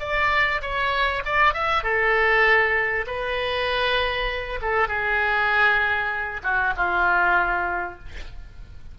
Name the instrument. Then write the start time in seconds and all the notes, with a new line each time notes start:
oboe
0.00 D5
0.62 C#5
1.26 D5
1.54 E5
1.84 A4
3.07 B4
4.62 A4
4.88 G#4
6.43 F#4
6.77 F4